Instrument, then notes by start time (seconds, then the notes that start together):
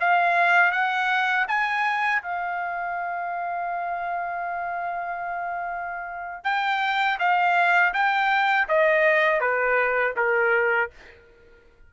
trumpet
0.00 F5
0.72 F#5
1.48 G#5
2.22 F5
6.44 G5
7.19 F5
7.94 G5
8.69 D#5
9.41 B4
10.16 A#4